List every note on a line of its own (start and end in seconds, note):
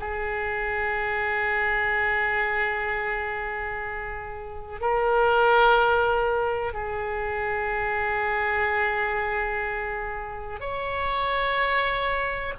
0.00 4.81 G#4
4.81 6.74 A#4
6.74 10.61 G#4
10.61 12.55 C#5